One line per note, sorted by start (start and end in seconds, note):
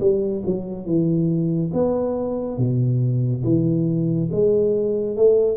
0.00 0.43 G3
0.46 0.85 F#3
0.85 1.71 E3
1.73 2.58 B3
2.58 3.43 B2
3.44 4.29 E3
4.32 5.16 G#3
5.16 5.57 A3